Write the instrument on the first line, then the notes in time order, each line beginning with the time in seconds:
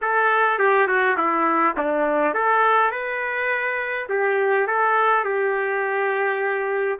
trumpet
0.01 A4
0.58 G4
0.87 F#4
1.17 E4
1.77 D4
2.34 A4
2.91 B4
4.09 G4
4.67 A4
5.24 G4